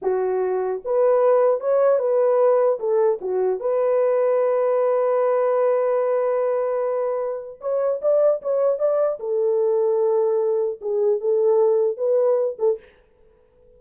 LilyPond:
\new Staff \with { instrumentName = "horn" } { \time 4/4 \tempo 4 = 150 fis'2 b'2 | cis''4 b'2 a'4 | fis'4 b'2.~ | b'1~ |
b'2. cis''4 | d''4 cis''4 d''4 a'4~ | a'2. gis'4 | a'2 b'4. a'8 | }